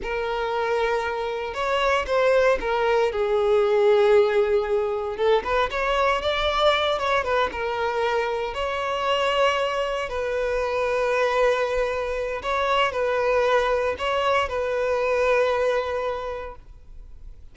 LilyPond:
\new Staff \with { instrumentName = "violin" } { \time 4/4 \tempo 4 = 116 ais'2. cis''4 | c''4 ais'4 gis'2~ | gis'2 a'8 b'8 cis''4 | d''4. cis''8 b'8 ais'4.~ |
ais'8 cis''2. b'8~ | b'1 | cis''4 b'2 cis''4 | b'1 | }